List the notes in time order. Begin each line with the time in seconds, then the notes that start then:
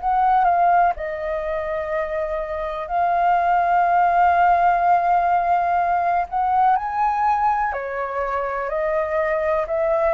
0.00 F#5
0.44 F5
0.95 D#5
2.88 F5
6.29 F#5
6.76 G#5
7.72 C#5
8.69 D#5
9.67 E5